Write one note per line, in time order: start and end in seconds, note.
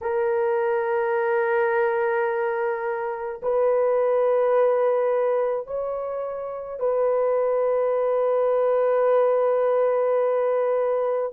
0.01 3.40 A#4
3.42 5.67 B4
5.67 6.79 C#5
6.79 11.32 B4